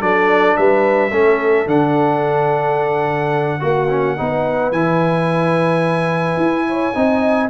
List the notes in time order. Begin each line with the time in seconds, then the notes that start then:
0.00 F#3 D4 A4 D5
0.57 G3 B4 E5
1.11 A3 C#4 A4
1.67 D3 D4 F#5
3.60 A#3 F#4
3.90 C#4
4.18 B3 D#4 B4
4.72 E3 E4 G#5
6.37 E4
6.69 C#5
6.95 C4 D#4 D#5